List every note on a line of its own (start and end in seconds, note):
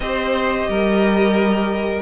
0.00 0.68 C4
0.00 2.02 G4
0.00 0.69 C5
0.00 2.02 D#5
0.68 2.02 G3
0.68 2.02 A#4